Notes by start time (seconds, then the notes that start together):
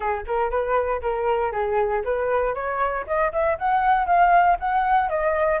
0.00 G#4
0.26 A#4
0.50 B4
1.01 A#4
1.51 G#4
2.04 B4
2.54 C#5
3.06 D#5
3.32 E5
3.58 F#5
4.06 F5
4.59 F#5
5.09 D#5